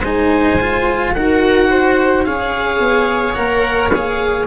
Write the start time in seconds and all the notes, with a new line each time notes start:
0.00 G#3 D#4 C5 G#5
0.60 F4
1.14 D#4 F#4 A#4 F#5
1.70 C5
2.24 C#4 G#4 C#5 F5
2.79 B3
3.34 A#3 A#4 F#5
3.90 G#4 F5